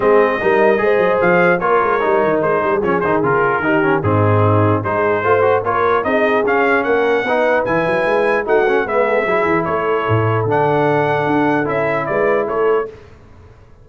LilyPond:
<<
  \new Staff \with { instrumentName = "trumpet" } { \time 4/4 \tempo 4 = 149 dis''2. f''4 | cis''2 c''4 cis''8 c''8 | ais'2 gis'2 | c''2 cis''4 dis''4 |
f''4 fis''2 gis''4~ | gis''4 fis''4 e''2 | cis''2 fis''2~ | fis''4 e''4 d''4 cis''4 | }
  \new Staff \with { instrumentName = "horn" } { \time 4/4 gis'4 ais'4 c''2 | ais'2~ ais'8 gis'4.~ | gis'4 g'4 dis'2 | gis'4 c''4 ais'4 gis'4~ |
gis'4 ais'4 b'2~ | b'4 fis'4 b'8 a'8 gis'4 | a'1~ | a'2 b'4 a'4 | }
  \new Staff \with { instrumentName = "trombone" } { \time 4/4 c'4 dis'4 gis'2 | f'4 dis'2 cis'8 dis'8 | f'4 dis'8 cis'8 c'2 | dis'4 f'8 fis'8 f'4 dis'4 |
cis'2 dis'4 e'4~ | e'4 dis'8 cis'8 b4 e'4~ | e'2 d'2~ | d'4 e'2. | }
  \new Staff \with { instrumentName = "tuba" } { \time 4/4 gis4 g4 gis8 fis8 f4 | ais8 gis8 g8 dis8 gis8 g8 f8 dis8 | cis4 dis4 gis,2 | gis4 a4 ais4 c'4 |
cis'4 ais4 b4 e8 fis8 | gis4 a4 gis4 fis8 e8 | a4 a,4 d2 | d'4 cis'4 gis4 a4 | }
>>